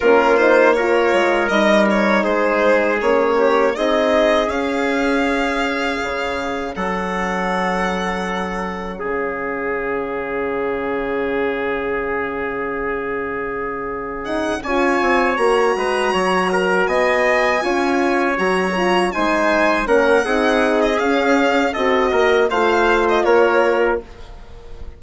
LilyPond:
<<
  \new Staff \with { instrumentName = "violin" } { \time 4/4 \tempo 4 = 80 ais'8 c''8 cis''4 dis''8 cis''8 c''4 | cis''4 dis''4 f''2~ | f''4 fis''2. | f''1~ |
f''2. fis''8 gis''8~ | gis''8 ais''2 gis''4.~ | gis''8 ais''4 gis''4 fis''4~ fis''16 dis''16 | f''4 dis''4 f''8. dis''16 cis''4 | }
  \new Staff \with { instrumentName = "trumpet" } { \time 4/4 f'4 ais'2 gis'4~ | gis'8 g'8 gis'2.~ | gis'4 a'2. | gis'1~ |
gis'2.~ gis'8 cis''8~ | cis''4 b'8 cis''8 ais'8 dis''4 cis''8~ | cis''4. c''4 ais'8 gis'4~ | gis'4 a'8 ais'8 c''4 ais'4 | }
  \new Staff \with { instrumentName = "horn" } { \time 4/4 cis'8 dis'8 f'4 dis'2 | cis'4 dis'4 cis'2~ | cis'1~ | cis'1~ |
cis'2. dis'8 f'8~ | f'8 fis'2. f'8~ | f'8 fis'8 f'8 dis'4 cis'8 dis'4 | cis'4 fis'4 f'2 | }
  \new Staff \with { instrumentName = "bassoon" } { \time 4/4 ais4. gis8 g4 gis4 | ais4 c'4 cis'2 | cis4 fis2. | cis1~ |
cis2.~ cis8 cis'8 | c'8 ais8 gis8 fis4 b4 cis'8~ | cis'8 fis4 gis4 ais8 c'4 | cis'4 c'8 ais8 a4 ais4 | }
>>